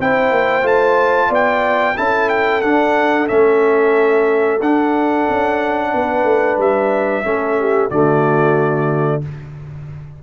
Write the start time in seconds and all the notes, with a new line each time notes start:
0.00 C4 E4 C5 G5
0.31 A#3
0.62 A3 F4 A5
1.29 B3 D5 G5
1.97 C#4 E4 A4 A5
2.30 G5
2.62 D4 F#5
3.29 A3 C#4 E5
4.61 D4 F#5
5.29 C#4
5.94 B3 B4
6.24 A3
6.57 G3 E5
7.24 A3 C#4 A4
7.60 G4
7.91 D3 A3 F#4 D5